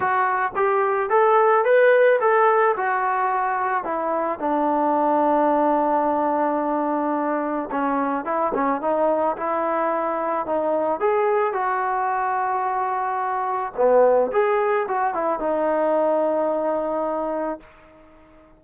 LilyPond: \new Staff \with { instrumentName = "trombone" } { \time 4/4 \tempo 4 = 109 fis'4 g'4 a'4 b'4 | a'4 fis'2 e'4 | d'1~ | d'2 cis'4 e'8 cis'8 |
dis'4 e'2 dis'4 | gis'4 fis'2.~ | fis'4 b4 gis'4 fis'8 e'8 | dis'1 | }